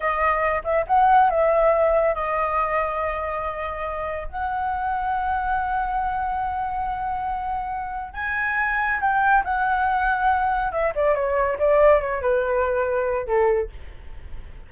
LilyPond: \new Staff \with { instrumentName = "flute" } { \time 4/4 \tempo 4 = 140 dis''4. e''8 fis''4 e''4~ | e''4 dis''2.~ | dis''2 fis''2~ | fis''1~ |
fis''2. gis''4~ | gis''4 g''4 fis''2~ | fis''4 e''8 d''8 cis''4 d''4 | cis''8 b'2~ b'8 a'4 | }